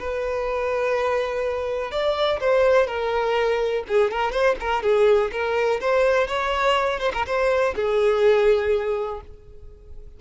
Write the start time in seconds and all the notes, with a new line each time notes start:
0.00 B4
1.92 D5
2.41 C5
2.87 A#4
3.88 G#4
4.12 A#4
4.32 C5
4.61 A#4
4.83 G#4
5.32 A#4
5.81 C5
6.28 C#5
7.00 C5
7.14 A#4
7.27 C5
7.76 G#4